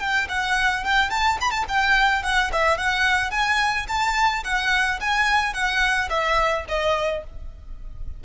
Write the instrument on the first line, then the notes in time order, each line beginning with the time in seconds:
violin
0.00 G5
0.29 F#5
0.84 G5
1.10 A5
1.41 B5
1.51 A5
1.69 G5
2.23 F#5
2.53 E5
2.78 F#5
3.31 G#5
3.88 A5
4.44 F#5
5.01 G#5
5.54 F#5
6.10 E5
6.68 D#5